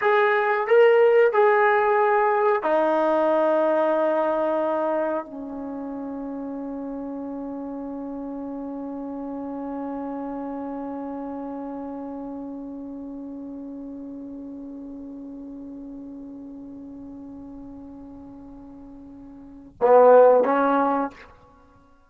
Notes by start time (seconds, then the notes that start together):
0.01 G#4
0.67 A#4
1.32 G#4
2.62 D#4
5.25 C#4
19.81 B3
20.44 C#4